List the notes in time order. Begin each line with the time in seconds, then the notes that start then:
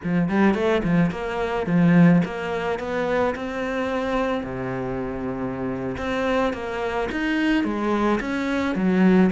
0.03 F3
0.28 G3
0.54 A3
0.83 F3
1.11 A#3
1.66 F3
2.24 A#3
2.79 B3
3.35 C4
4.43 C3
5.97 C4
6.53 A#3
7.11 D#4
7.64 G#3
8.20 C#4
8.75 F#3